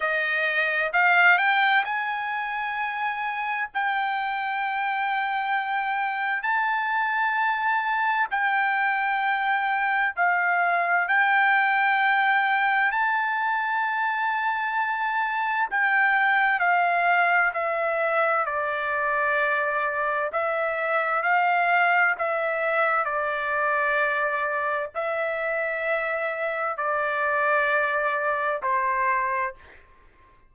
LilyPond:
\new Staff \with { instrumentName = "trumpet" } { \time 4/4 \tempo 4 = 65 dis''4 f''8 g''8 gis''2 | g''2. a''4~ | a''4 g''2 f''4 | g''2 a''2~ |
a''4 g''4 f''4 e''4 | d''2 e''4 f''4 | e''4 d''2 e''4~ | e''4 d''2 c''4 | }